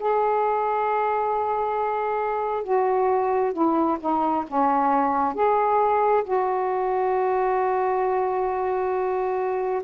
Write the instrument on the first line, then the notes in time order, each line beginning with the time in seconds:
saxophone
0.00 G#4
2.64 F#4
3.53 E4
4.01 D#4
4.48 C#4
5.35 G#4
6.24 F#4